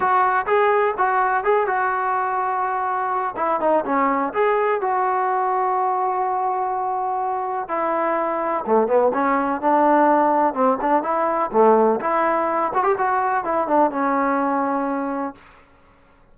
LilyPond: \new Staff \with { instrumentName = "trombone" } { \time 4/4 \tempo 4 = 125 fis'4 gis'4 fis'4 gis'8 fis'8~ | fis'2. e'8 dis'8 | cis'4 gis'4 fis'2~ | fis'1 |
e'2 a8 b8 cis'4 | d'2 c'8 d'8 e'4 | a4 e'4. fis'16 g'16 fis'4 | e'8 d'8 cis'2. | }